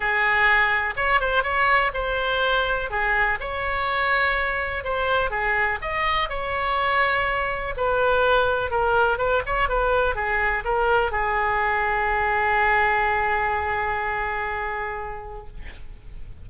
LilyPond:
\new Staff \with { instrumentName = "oboe" } { \time 4/4 \tempo 4 = 124 gis'2 cis''8 c''8 cis''4 | c''2 gis'4 cis''4~ | cis''2 c''4 gis'4 | dis''4 cis''2. |
b'2 ais'4 b'8 cis''8 | b'4 gis'4 ais'4 gis'4~ | gis'1~ | gis'1 | }